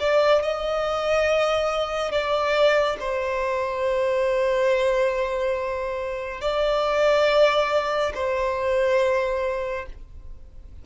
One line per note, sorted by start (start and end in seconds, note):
0.00 0.42 D5
0.42 2.12 D#5
2.12 2.97 D5
3.00 6.41 C5
6.41 8.13 D5
8.15 9.86 C5